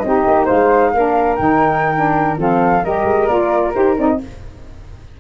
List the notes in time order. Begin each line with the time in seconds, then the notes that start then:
0.00 C4 D#4 D#5
0.07 G4
0.27 A#3
0.45 G#3 C5 F5
0.94 A#3 D4 A#4
1.36 D#3 D#4 G5
1.95 D4
2.37 F3 C4 A4 F5
2.84 G3 G4 A#4 D#5
3.04 G#3
3.28 A#3 F4 D5
3.74 D#4 G4 C5
3.97 C4 D#4 D5
4.08 D#5